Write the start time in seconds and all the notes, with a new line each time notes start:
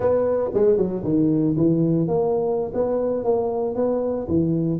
0.00 B3
0.53 G#3
0.77 F#3
1.03 D#3
1.56 E3
2.07 A#3
2.74 B3
3.24 A#3
3.75 B3
4.27 E3